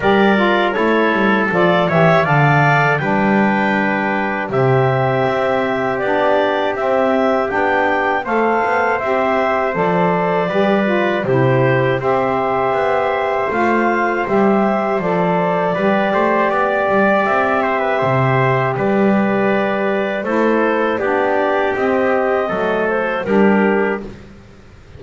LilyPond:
<<
  \new Staff \with { instrumentName = "clarinet" } { \time 4/4 \tempo 4 = 80 d''4 cis''4 d''8 e''8 f''4 | g''2 e''2 | d''4 e''4 g''4 f''4 | e''4 d''2 c''4 |
e''2 f''4 e''4 | d''2. e''4~ | e''4 d''2 c''4 | d''4 dis''4. c''8 ais'4 | }
  \new Staff \with { instrumentName = "trumpet" } { \time 4/4 ais'4 a'4. cis''8 d''4 | b'2 g'2~ | g'2. c''4~ | c''2 b'4 g'4 |
c''1~ | c''4 b'8 c''8 d''4. c''16 b'16 | c''4 b'2 a'4 | g'2 a'4 g'4 | }
  \new Staff \with { instrumentName = "saxophone" } { \time 4/4 g'8 f'8 e'4 f'8 g'8 a'4 | d'2 c'2 | d'4 c'4 d'4 a'4 | g'4 a'4 g'8 f'8 e'4 |
g'2 f'4 g'4 | a'4 g'2.~ | g'2. e'4 | d'4 c'4 a4 d'4 | }
  \new Staff \with { instrumentName = "double bass" } { \time 4/4 g4 a8 g8 f8 e8 d4 | g2 c4 c'4 | b4 c'4 b4 a8 b8 | c'4 f4 g4 c4 |
c'4 b4 a4 g4 | f4 g8 a8 b8 g8 c'4 | c4 g2 a4 | b4 c'4 fis4 g4 | }
>>